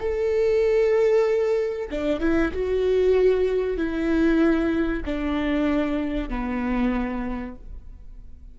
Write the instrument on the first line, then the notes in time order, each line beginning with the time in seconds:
viola
0.00 A4
1.90 D4
2.20 E4
2.53 F#4
3.77 E4
5.05 D4
6.29 B3